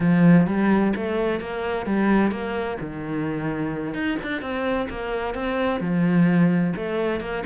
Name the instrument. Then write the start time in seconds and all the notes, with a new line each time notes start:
cello
0.00 F3
0.47 G3
0.95 A3
1.40 A#3
1.86 G3
2.31 A#3
2.80 D#3
3.93 D#4
4.22 D4
4.41 C4
4.89 A#3
5.34 C4
5.80 F3
6.75 A3
7.20 A#3